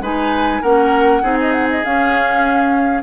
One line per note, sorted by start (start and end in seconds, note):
0.00 0.60 G#3
0.00 0.62 D#4
0.00 0.61 B4
0.00 0.62 G#5
0.61 1.22 A#3
0.61 1.23 C#4
0.61 1.21 A#4
0.61 1.37 F#5
1.22 1.82 C4
1.22 1.83 D#4
1.22 3.02 G#4
1.40 1.52 D#5
1.52 1.67 F#5
1.70 1.84 D#5
1.84 3.02 C#4
1.84 3.02 F5